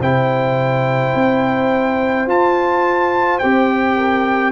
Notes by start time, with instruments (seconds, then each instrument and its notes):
0.00 tuba C3, trombone E4, horn C5, trumpet G5
1.14 tuba C4
2.26 tuba F4, trombone F4, trumpet A5
3.38 tuba C4, trombone G4, trumpet G5
3.96 horn A#4